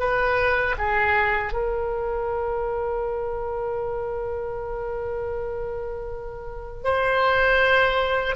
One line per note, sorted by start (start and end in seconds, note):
0.00 0.76 B4
0.78 1.53 G#4
1.53 6.85 A#4
6.85 8.36 C5